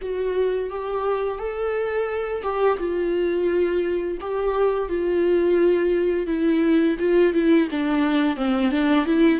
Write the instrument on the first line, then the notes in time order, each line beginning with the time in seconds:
viola
0.01 F#4
0.69 G4
1.39 A4
2.43 G4
2.78 F4
4.20 G4
4.88 F4
6.26 E4
6.99 F4
7.33 E4
7.70 D4
8.36 C4
8.71 D4
9.05 E4